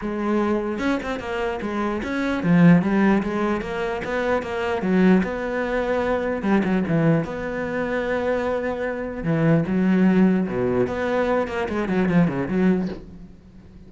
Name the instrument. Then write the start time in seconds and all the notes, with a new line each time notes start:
cello
0.01 G#3
0.79 C#4
1.02 C4
1.19 A#3
1.61 G#3
2.03 C#4
2.43 F3
2.82 G3
3.23 G#3
3.61 A#3
4.04 B3
4.42 A#3
4.82 F#3
5.23 B3
6.42 G3
6.64 F#3
6.88 E3
7.24 B3
9.23 E3
9.67 F#3
10.48 B2
10.87 B3
11.47 A#3
11.69 G#3
11.88 F#3
12.08 F3
12.27 C#3
12.48 F#3